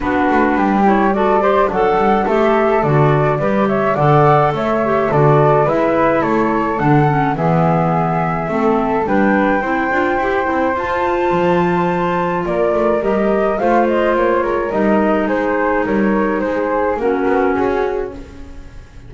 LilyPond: <<
  \new Staff \with { instrumentName = "flute" } { \time 4/4 \tempo 4 = 106 b'4. cis''8 d''4 fis''4 | e''4 d''4. e''8 fis''4 | e''4 d''4 e''4 cis''4 | fis''4 e''2. |
g''2. a''4~ | a''2 d''4 dis''4 | f''8 dis''8 cis''4 dis''4 c''4 | cis''4 c''4 ais'4 gis'4 | }
  \new Staff \with { instrumentName = "flute" } { \time 4/4 fis'4 g'4 a'8 c''8 d'4 | a'2 b'8 cis''8 d''4 | cis''4 a'4 b'4 a'4~ | a'4 gis'2 a'4 |
b'4 c''2.~ | c''2 ais'2 | c''4. ais'4. gis'4 | ais'4 gis'4 fis'2 | }
  \new Staff \with { instrumentName = "clarinet" } { \time 4/4 d'4. e'8 fis'8 g'8 a'4 | g'4 fis'4 g'4 a'4~ | a'8 g'8 fis'4 e'2 | d'8 cis'8 b2 c'4 |
d'4 e'8 f'8 g'8 e'8 f'4~ | f'2. g'4 | f'2 dis'2~ | dis'2 cis'2 | }
  \new Staff \with { instrumentName = "double bass" } { \time 4/4 b8 a8 g2 fis8 g8 | a4 d4 g4 d4 | a4 d4 gis4 a4 | d4 e2 a4 |
g4 c'8 d'8 e'8 c'8 f'4 | f2 ais8 a8 g4 | a4 ais8 gis8 g4 gis4 | g4 gis4 ais8 b8 cis'4 | }
>>